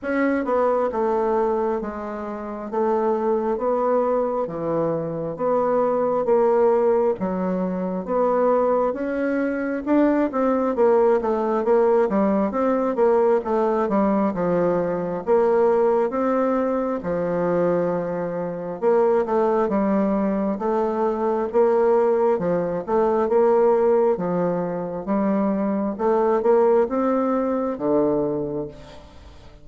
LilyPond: \new Staff \with { instrumentName = "bassoon" } { \time 4/4 \tempo 4 = 67 cis'8 b8 a4 gis4 a4 | b4 e4 b4 ais4 | fis4 b4 cis'4 d'8 c'8 | ais8 a8 ais8 g8 c'8 ais8 a8 g8 |
f4 ais4 c'4 f4~ | f4 ais8 a8 g4 a4 | ais4 f8 a8 ais4 f4 | g4 a8 ais8 c'4 d4 | }